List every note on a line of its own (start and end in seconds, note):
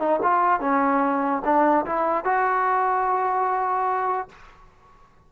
0.00 0.20 D#4
0.23 0.61 F4
0.61 1.42 C#4
1.45 1.86 D4
1.86 2.25 E4
2.25 4.29 F#4